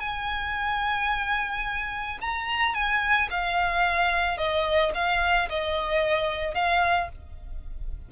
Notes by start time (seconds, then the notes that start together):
0.00 G#5
2.21 A#5
2.74 G#5
3.30 F5
4.38 D#5
4.94 F5
5.49 D#5
6.54 F5